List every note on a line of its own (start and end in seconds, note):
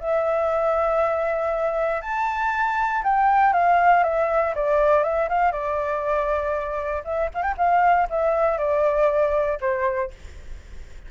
0.00 2.02 E5
2.02 3.03 A5
3.03 3.53 G5
3.53 4.04 F5
4.04 4.54 E5
4.55 5.04 D5
5.04 5.29 E5
5.29 5.52 F5
5.52 7.03 D5
7.05 7.30 E5
7.34 7.42 F5
7.42 7.55 G5
7.57 8.08 F5
8.10 8.58 E5
8.58 9.59 D5
9.61 10.11 C5